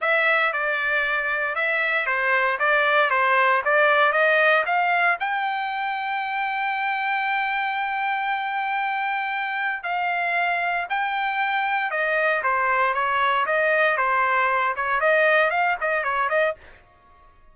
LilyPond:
\new Staff \with { instrumentName = "trumpet" } { \time 4/4 \tempo 4 = 116 e''4 d''2 e''4 | c''4 d''4 c''4 d''4 | dis''4 f''4 g''2~ | g''1~ |
g''2. f''4~ | f''4 g''2 dis''4 | c''4 cis''4 dis''4 c''4~ | c''8 cis''8 dis''4 f''8 dis''8 cis''8 dis''8 | }